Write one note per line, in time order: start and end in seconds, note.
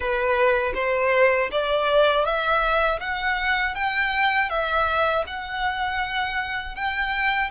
0.00 0.72 B4
0.74 1.49 C5
1.51 2.24 D5
2.24 2.99 E5
3.00 3.74 F#5
3.74 4.49 G5
4.49 5.24 E5
5.26 6.75 F#5
6.75 7.50 G5